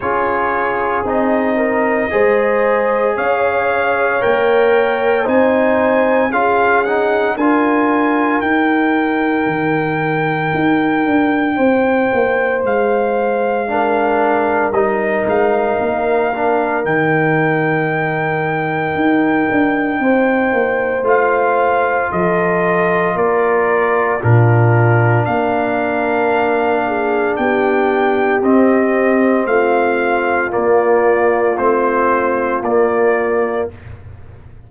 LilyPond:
<<
  \new Staff \with { instrumentName = "trumpet" } { \time 4/4 \tempo 4 = 57 cis''4 dis''2 f''4 | g''4 gis''4 f''8 fis''8 gis''4 | g''1 | f''2 dis''8 f''4. |
g''1 | f''4 dis''4 d''4 ais'4 | f''2 g''4 dis''4 | f''4 d''4 c''4 d''4 | }
  \new Staff \with { instrumentName = "horn" } { \time 4/4 gis'4. ais'8 c''4 cis''4~ | cis''4 c''4 gis'4 ais'4~ | ais'2. c''4~ | c''4 ais'2.~ |
ais'2. c''4~ | c''4 a'4 ais'4 f'4 | ais'4. gis'8 g'2 | f'1 | }
  \new Staff \with { instrumentName = "trombone" } { \time 4/4 f'4 dis'4 gis'2 | ais'4 dis'4 f'8 dis'8 f'4 | dis'1~ | dis'4 d'4 dis'4. d'8 |
dis'1 | f'2. d'4~ | d'2. c'4~ | c'4 ais4 c'4 ais4 | }
  \new Staff \with { instrumentName = "tuba" } { \time 4/4 cis'4 c'4 gis4 cis'4 | ais4 c'4 cis'4 d'4 | dis'4 dis4 dis'8 d'8 c'8 ais8 | gis2 g8 gis8 ais4 |
dis2 dis'8 d'8 c'8 ais8 | a4 f4 ais4 ais,4 | ais2 b4 c'4 | a4 ais4 a4 ais4 | }
>>